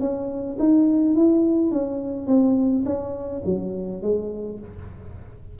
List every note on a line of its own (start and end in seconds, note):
0.00 0.57 C#4
0.59 1.15 D#4
1.15 1.71 E4
1.71 2.27 C#4
2.27 2.84 C4
2.85 3.42 C#4
3.45 4.02 F#3
4.02 4.59 G#3